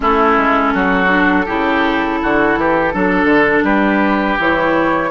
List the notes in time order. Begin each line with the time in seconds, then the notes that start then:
0.00 A3 C#4 E4 A4
0.37 G#3
0.73 F#3 F#4
1.07 D4
1.45 C#3 E4 G4
2.22 D3 F#4
2.56 E3 G4
2.93 F#3 D4 A4
3.25 D3
3.63 G3 G4 B4
4.38 E3 E4 C#5